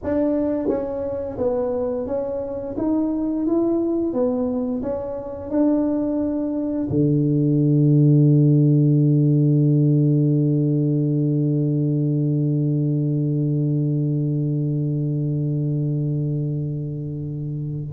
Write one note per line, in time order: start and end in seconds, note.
0.03 0.68 D4
0.68 1.37 C#4
1.38 2.06 B3
2.06 2.75 C#4
2.77 3.46 D#4
3.46 4.13 E4
4.13 4.82 B3
4.82 5.50 C#4
5.50 6.87 D4
6.90 17.93 D3